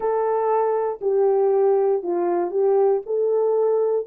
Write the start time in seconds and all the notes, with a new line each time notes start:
0.00 A4
1.01 G4
2.02 F4
2.51 G4
3.06 A4